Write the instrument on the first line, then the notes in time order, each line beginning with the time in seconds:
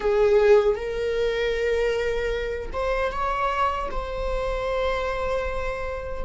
viola
0.00 G#4
0.75 A#4
2.73 C5
3.11 C#5
3.91 C5